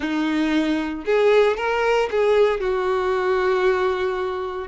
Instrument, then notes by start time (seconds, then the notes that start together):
violin
0.00 D#4
1.05 G#4
1.57 A#4
2.10 G#4
2.60 F#4